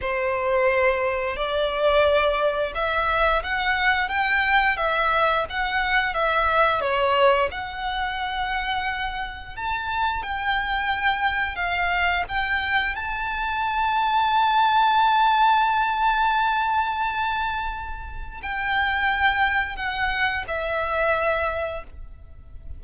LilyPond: \new Staff \with { instrumentName = "violin" } { \time 4/4 \tempo 4 = 88 c''2 d''2 | e''4 fis''4 g''4 e''4 | fis''4 e''4 cis''4 fis''4~ | fis''2 a''4 g''4~ |
g''4 f''4 g''4 a''4~ | a''1~ | a''2. g''4~ | g''4 fis''4 e''2 | }